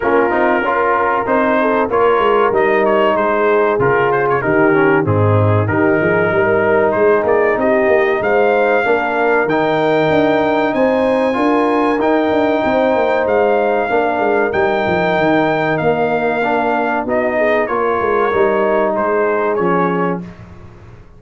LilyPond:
<<
  \new Staff \with { instrumentName = "trumpet" } { \time 4/4 \tempo 4 = 95 ais'2 c''4 cis''4 | dis''8 cis''8 c''4 ais'8 c''16 cis''16 ais'4 | gis'4 ais'2 c''8 d''8 | dis''4 f''2 g''4~ |
g''4 gis''2 g''4~ | g''4 f''2 g''4~ | g''4 f''2 dis''4 | cis''2 c''4 cis''4 | }
  \new Staff \with { instrumentName = "horn" } { \time 4/4 f'4 ais'4. a'8 ais'4~ | ais'4 gis'2 g'4 | dis'4 g'8 gis'8 ais'4 gis'4 | g'4 c''4 ais'2~ |
ais'4 c''4 ais'2 | c''2 ais'2~ | ais'2. fis'8 gis'8 | ais'2 gis'2 | }
  \new Staff \with { instrumentName = "trombone" } { \time 4/4 cis'8 dis'8 f'4 dis'4 f'4 | dis'2 f'4 dis'8 cis'8 | c'4 dis'2.~ | dis'2 d'4 dis'4~ |
dis'2 f'4 dis'4~ | dis'2 d'4 dis'4~ | dis'2 d'4 dis'4 | f'4 dis'2 cis'4 | }
  \new Staff \with { instrumentName = "tuba" } { \time 4/4 ais8 c'8 cis'4 c'4 ais8 gis8 | g4 gis4 cis4 dis4 | gis,4 dis8 f8 g4 gis8 ais8 | c'8 ais8 gis4 ais4 dis4 |
d'4 c'4 d'4 dis'8 d'8 | c'8 ais8 gis4 ais8 gis8 g8 f8 | dis4 ais2 b4 | ais8 gis8 g4 gis4 f4 | }
>>